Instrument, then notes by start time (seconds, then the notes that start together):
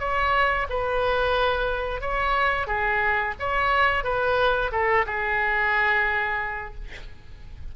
oboe
0.00 C#5
0.70 B4
2.01 C#5
2.67 G#4
3.40 C#5
4.04 B4
4.72 A4
5.07 G#4